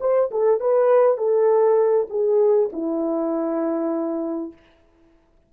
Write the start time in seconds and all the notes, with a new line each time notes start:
0.00 C5
0.31 A4
0.60 B4
1.18 A4
2.10 G#4
2.72 E4